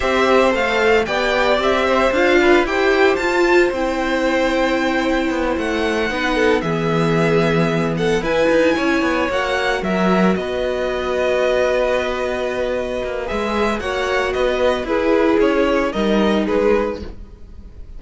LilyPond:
<<
  \new Staff \with { instrumentName = "violin" } { \time 4/4 \tempo 4 = 113 e''4 f''4 g''4 e''4 | f''4 g''4 a''4 g''4~ | g''2~ g''8 fis''4.~ | fis''8 e''2~ e''8 fis''8 gis''8~ |
gis''4. fis''4 e''4 dis''8~ | dis''1~ | dis''4 e''4 fis''4 dis''4 | b'4 cis''4 dis''4 b'4 | }
  \new Staff \with { instrumentName = "violin" } { \time 4/4 c''2 d''4. c''8~ | c''8 b'8 c''2.~ | c''2.~ c''8 b'8 | a'8 gis'2~ gis'8 a'8 b'8~ |
b'8 cis''2 ais'4 b'8~ | b'1~ | b'2 cis''4 b'4 | gis'2 ais'4 gis'4 | }
  \new Staff \with { instrumentName = "viola" } { \time 4/4 g'4 a'4 g'2 | f'4 g'4 f'4 e'4~ | e'2.~ e'8 dis'8~ | dis'8 b2. e'8~ |
e'4. fis'2~ fis'8~ | fis'1~ | fis'4 gis'4 fis'2 | e'2 dis'2 | }
  \new Staff \with { instrumentName = "cello" } { \time 4/4 c'4 a4 b4 c'4 | d'4 e'4 f'4 c'4~ | c'2 b8 a4 b8~ | b8 e2. e'8 |
dis'8 cis'8 b8 ais4 fis4 b8~ | b1~ | b8 ais8 gis4 ais4 b4 | e'4 cis'4 g4 gis4 | }
>>